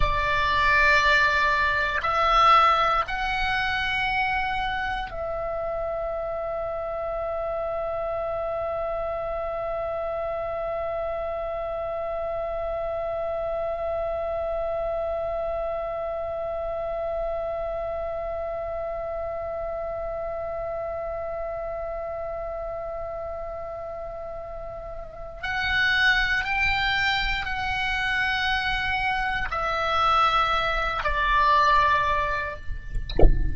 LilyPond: \new Staff \with { instrumentName = "oboe" } { \time 4/4 \tempo 4 = 59 d''2 e''4 fis''4~ | fis''4 e''2.~ | e''1~ | e''1~ |
e''1~ | e''1~ | e''4 fis''4 g''4 fis''4~ | fis''4 e''4. d''4. | }